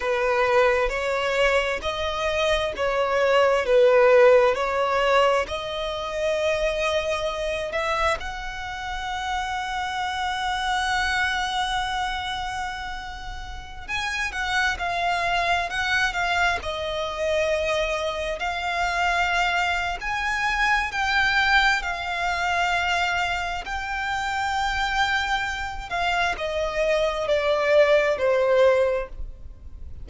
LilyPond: \new Staff \with { instrumentName = "violin" } { \time 4/4 \tempo 4 = 66 b'4 cis''4 dis''4 cis''4 | b'4 cis''4 dis''2~ | dis''8 e''8 fis''2.~ | fis''2.~ fis''16 gis''8 fis''16~ |
fis''16 f''4 fis''8 f''8 dis''4.~ dis''16~ | dis''16 f''4.~ f''16 gis''4 g''4 | f''2 g''2~ | g''8 f''8 dis''4 d''4 c''4 | }